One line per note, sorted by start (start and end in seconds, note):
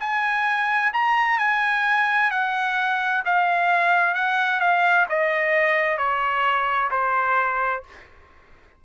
0.00 0.92 G#5
0.93 1.38 A#5
1.38 2.31 G#5
2.31 3.23 F#5
3.25 4.15 F5
4.15 4.60 F#5
4.60 5.06 F5
5.09 5.97 D#5
5.97 6.90 C#5
6.91 7.83 C5